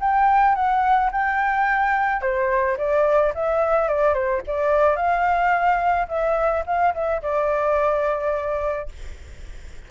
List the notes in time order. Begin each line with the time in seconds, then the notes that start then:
0.00 G5
0.55 F#5
1.11 G5
2.21 C5
2.77 D5
3.34 E5
3.88 D5
4.13 C5
4.47 D5
4.96 F5
6.08 E5
6.66 F5
6.94 E5
7.22 D5